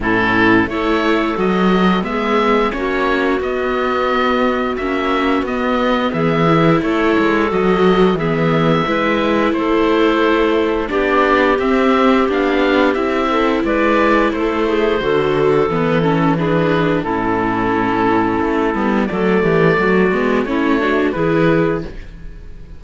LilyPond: <<
  \new Staff \with { instrumentName = "oboe" } { \time 4/4 \tempo 4 = 88 a'4 cis''4 dis''4 e''4 | cis''4 dis''2 e''4 | dis''4 e''4 cis''4 dis''4 | e''2 c''2 |
d''4 e''4 f''4 e''4 | d''4 c''2 b'8 a'8 | b'4 a'2. | d''2 cis''4 b'4 | }
  \new Staff \with { instrumentName = "clarinet" } { \time 4/4 e'4 a'2 gis'4 | fis'1~ | fis'4 gis'4 a'2 | gis'4 b'4 a'2 |
g'2.~ g'8 a'8 | b'4 a'8 gis'8 a'2 | gis'4 e'2. | a'8 g'8 fis'4 e'8 fis'8 gis'4 | }
  \new Staff \with { instrumentName = "viola" } { \time 4/4 cis'4 e'4 fis'4 b4 | cis'4 b2 cis'4 | b4. e'4. fis'4 | b4 e'2. |
d'4 c'4 d'4 e'4~ | e'2 fis'4 b8 cis'8 | d'4 cis'2~ cis'8 b8 | a4. b8 cis'8 d'8 e'4 | }
  \new Staff \with { instrumentName = "cello" } { \time 4/4 a,4 a4 fis4 gis4 | ais4 b2 ais4 | b4 e4 a8 gis8 fis4 | e4 gis4 a2 |
b4 c'4 b4 c'4 | gis4 a4 d4 e4~ | e4 a,2 a8 g8 | fis8 e8 fis8 gis8 a4 e4 | }
>>